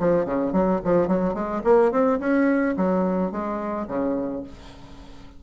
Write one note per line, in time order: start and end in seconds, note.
0.00 0.26 F3
0.26 0.53 C#3
0.53 0.81 F#3
0.85 1.08 F3
1.08 1.34 F#3
1.34 1.62 G#3
1.64 1.92 A#3
1.92 2.20 C4
2.20 2.76 C#4
2.77 3.32 F#3
3.32 3.87 G#3
3.88 4.43 C#3